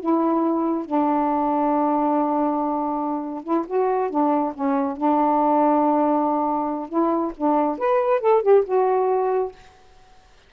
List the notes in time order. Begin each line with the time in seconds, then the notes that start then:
0.00 E4
0.85 D4
3.44 E4
3.67 F#4
4.10 D4
4.54 C#4
4.97 D4
6.89 E4
7.37 D4
7.78 B4
8.21 A4
8.42 G4
8.65 F#4